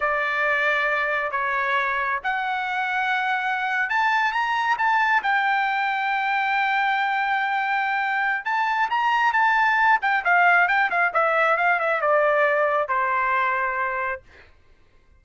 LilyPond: \new Staff \with { instrumentName = "trumpet" } { \time 4/4 \tempo 4 = 135 d''2. cis''4~ | cis''4 fis''2.~ | fis''8. a''4 ais''4 a''4 g''16~ | g''1~ |
g''2. a''4 | ais''4 a''4. g''8 f''4 | g''8 f''8 e''4 f''8 e''8 d''4~ | d''4 c''2. | }